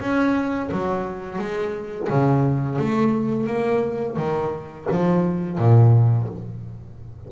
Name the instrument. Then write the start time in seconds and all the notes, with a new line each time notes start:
double bass
0.00 C#4
0.72 F#3
1.39 G#3
2.09 C#3
2.79 A3
3.47 A#3
4.17 D#3
4.91 F3
5.58 A#2